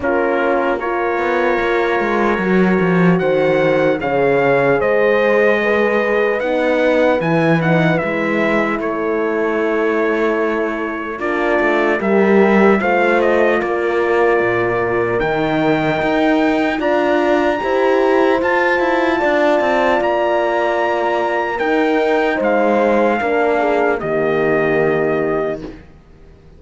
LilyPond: <<
  \new Staff \with { instrumentName = "trumpet" } { \time 4/4 \tempo 4 = 75 ais'4 cis''2. | fis''4 f''4 dis''2 | fis''4 gis''8 fis''8 e''4 cis''4~ | cis''2 d''4 e''4 |
f''8 dis''8 d''2 g''4~ | g''4 ais''2 a''4~ | a''4 ais''2 g''4 | f''2 dis''2 | }
  \new Staff \with { instrumentName = "horn" } { \time 4/4 f'4 ais'2. | c''4 cis''4 c''4 b'4~ | b'2. a'4~ | a'2 f'4 ais'4 |
c''4 ais'2.~ | ais'4 d''4 c''2 | d''2. ais'4 | c''4 ais'8 gis'8 g'2 | }
  \new Staff \with { instrumentName = "horn" } { \time 4/4 cis'4 f'2 fis'4~ | fis'4 gis'2. | dis'4 e'8 dis'8 e'2~ | e'2 d'4 g'4 |
f'2. dis'4~ | dis'4 f'4 g'4 f'4~ | f'2. dis'4~ | dis'4 d'4 ais2 | }
  \new Staff \with { instrumentName = "cello" } { \time 4/4 ais4. b8 ais8 gis8 fis8 f8 | dis4 cis4 gis2 | b4 e4 gis4 a4~ | a2 ais8 a8 g4 |
a4 ais4 ais,4 dis4 | dis'4 d'4 e'4 f'8 e'8 | d'8 c'8 ais2 dis'4 | gis4 ais4 dis2 | }
>>